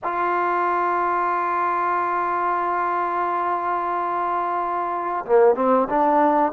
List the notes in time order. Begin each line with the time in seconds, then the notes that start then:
0.03 F4
5.25 A#3
5.55 C4
5.89 D4